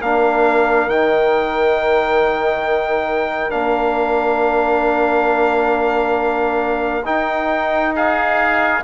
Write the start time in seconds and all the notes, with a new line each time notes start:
0.00 A#3 D4 A#4 F5
0.87 D#3 D#4 G5
3.50 A#3 D4 F5
7.05 D#4 G5
7.95 G#4 F5